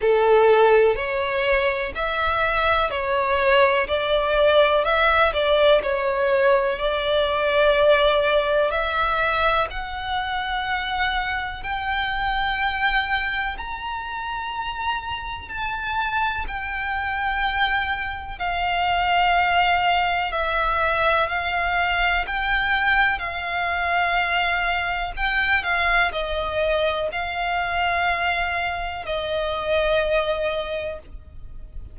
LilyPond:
\new Staff \with { instrumentName = "violin" } { \time 4/4 \tempo 4 = 62 a'4 cis''4 e''4 cis''4 | d''4 e''8 d''8 cis''4 d''4~ | d''4 e''4 fis''2 | g''2 ais''2 |
a''4 g''2 f''4~ | f''4 e''4 f''4 g''4 | f''2 g''8 f''8 dis''4 | f''2 dis''2 | }